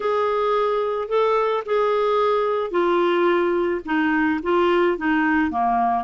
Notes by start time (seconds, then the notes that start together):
0.00 G#4
1.08 A4
1.65 G#4
2.70 F4
3.85 D#4
4.42 F4
4.97 D#4
5.50 A#3